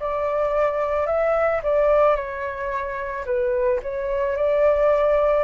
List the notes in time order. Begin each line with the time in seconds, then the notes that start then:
0.00 D5
1.07 E5
1.64 D5
2.16 C#5
3.26 B4
3.83 C#5
4.37 D5